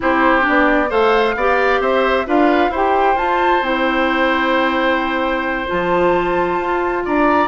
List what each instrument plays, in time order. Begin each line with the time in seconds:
0.00 bassoon C4, clarinet E4, oboe G4, flute C5
0.41 clarinet D4
0.48 bassoon B3, flute D5
0.89 bassoon A3, clarinet A4, oboe C5, flute F5
1.35 bassoon B3, clarinet G4, oboe D5
1.80 bassoon C4, oboe C5, flute E5
2.25 bassoon D4, clarinet F4, oboe B4, flute F5
2.69 bassoon E4, clarinet G4, oboe C5
2.76 flute G5
3.15 bassoon F4, clarinet F4, flute A5
3.61 bassoon C4, clarinet E4, flute G5
5.66 bassoon F3, clarinet F4, flute A5
6.58 bassoon F4
7.05 bassoon D4, oboe D5, flute A#5